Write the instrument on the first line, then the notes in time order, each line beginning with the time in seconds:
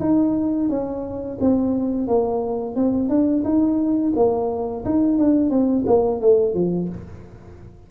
tuba
0.00 D#4
0.69 C#4
1.40 C4
2.07 A#3
2.75 C4
3.09 D4
3.44 D#4
4.16 A#3
4.85 D#4
5.18 D4
5.50 C4
5.87 A#3
6.21 A3
6.54 F3